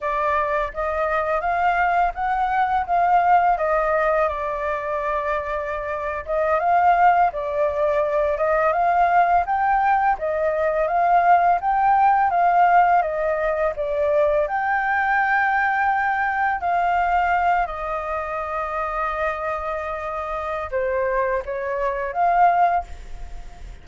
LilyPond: \new Staff \with { instrumentName = "flute" } { \time 4/4 \tempo 4 = 84 d''4 dis''4 f''4 fis''4 | f''4 dis''4 d''2~ | d''8. dis''8 f''4 d''4. dis''16~ | dis''16 f''4 g''4 dis''4 f''8.~ |
f''16 g''4 f''4 dis''4 d''8.~ | d''16 g''2. f''8.~ | f''8. dis''2.~ dis''16~ | dis''4 c''4 cis''4 f''4 | }